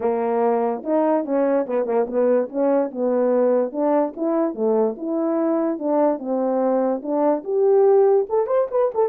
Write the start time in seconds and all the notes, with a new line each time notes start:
0.00 A#3
0.83 D#4
1.24 C#4
1.66 B3
1.85 A#3
2.07 B3
2.49 C#4
2.91 B3
3.71 D4
4.16 E4
4.54 A3
4.97 E4
5.78 D4
6.19 C4
7.02 D4
7.44 G4
8.29 A4
8.47 C5
8.70 B4
8.94 A4